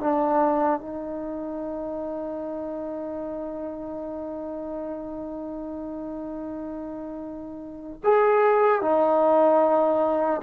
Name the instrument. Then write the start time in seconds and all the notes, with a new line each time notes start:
trombone
0.00 D4
0.80 D#4
8.03 G#4
8.81 D#4